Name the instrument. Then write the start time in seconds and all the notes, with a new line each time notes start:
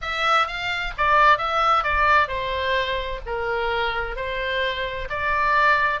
oboe
0.01 E5
0.47 F5
0.97 D5
1.38 E5
1.83 D5
2.28 C5
3.26 A#4
4.16 C5
5.09 D5